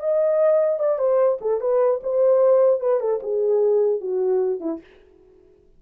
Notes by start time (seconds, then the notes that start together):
0.00 D#5
0.80 D5
0.99 C5
1.41 A4
1.61 B4
2.03 C5
2.81 B4
3.01 A4
3.23 G#4
4.01 F#4
4.61 E4